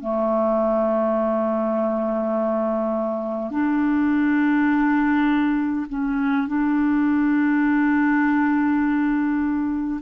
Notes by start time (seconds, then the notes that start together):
0.00 A3
3.51 D4
5.89 C#4
6.48 D4